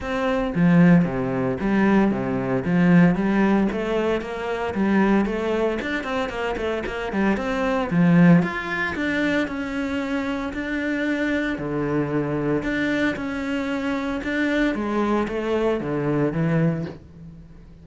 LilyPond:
\new Staff \with { instrumentName = "cello" } { \time 4/4 \tempo 4 = 114 c'4 f4 c4 g4 | c4 f4 g4 a4 | ais4 g4 a4 d'8 c'8 | ais8 a8 ais8 g8 c'4 f4 |
f'4 d'4 cis'2 | d'2 d2 | d'4 cis'2 d'4 | gis4 a4 d4 e4 | }